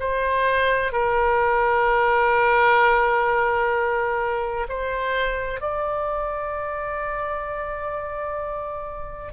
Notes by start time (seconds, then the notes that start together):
0.00 C5
0.92 A#4
4.69 C5
5.61 D5